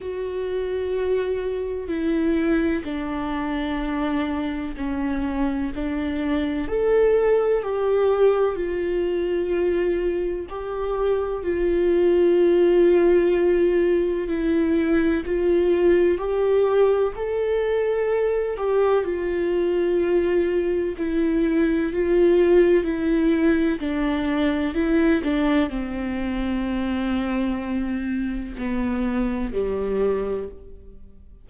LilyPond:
\new Staff \with { instrumentName = "viola" } { \time 4/4 \tempo 4 = 63 fis'2 e'4 d'4~ | d'4 cis'4 d'4 a'4 | g'4 f'2 g'4 | f'2. e'4 |
f'4 g'4 a'4. g'8 | f'2 e'4 f'4 | e'4 d'4 e'8 d'8 c'4~ | c'2 b4 g4 | }